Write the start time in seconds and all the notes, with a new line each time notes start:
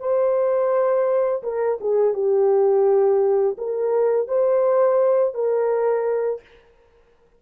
0.00 C5
1.43 A#4
1.81 G#4
2.14 G4
3.58 A#4
4.28 C5
5.34 A#4